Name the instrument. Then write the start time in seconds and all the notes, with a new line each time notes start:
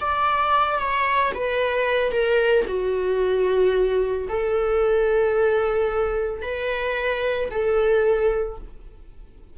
viola
0.00 D5
0.78 C#5
1.34 B4
2.11 A#4
2.67 F#4
4.29 A4
6.42 B4
7.50 A4